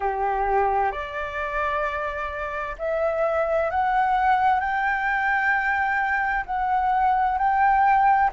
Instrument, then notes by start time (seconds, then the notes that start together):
flute
0.00 G4
0.91 D5
2.78 E5
3.70 F#5
4.59 G5
6.45 F#5
7.38 G5